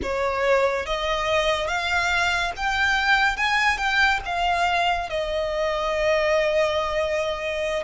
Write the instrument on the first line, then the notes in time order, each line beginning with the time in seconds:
violin
0.02 C#5
0.86 D#5
1.67 F5
2.56 G5
3.36 G#5
3.77 G5
4.25 F5
5.09 D#5